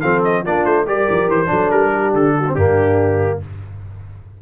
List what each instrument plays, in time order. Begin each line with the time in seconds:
0.00 tuba F3, trombone C4, horn A4, trumpet F5
0.24 trumpet D#5
0.42 tuba A#3, trombone D4, horn F4, trumpet D5
0.65 tuba A3, trumpet C5
0.86 tuba G3, trombone G4, horn A#4, trumpet D5
1.10 tuba F3
1.28 tuba E3, trumpet C5
1.46 tuba F#3, trombone D4, horn A4
1.71 tuba G3, trumpet A#4
1.93 horn G4
2.14 tuba D3, trumpet A4
2.37 horn F#4
2.47 trombone C4, horn D4
2.55 tuba G2, trombone A#3, trumpet G4